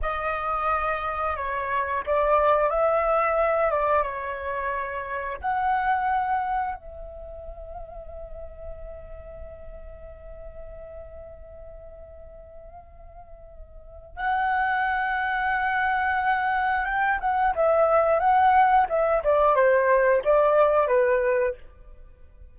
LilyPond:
\new Staff \with { instrumentName = "flute" } { \time 4/4 \tempo 4 = 89 dis''2 cis''4 d''4 | e''4. d''8 cis''2 | fis''2 e''2~ | e''1~ |
e''1~ | e''4 fis''2.~ | fis''4 g''8 fis''8 e''4 fis''4 | e''8 d''8 c''4 d''4 b'4 | }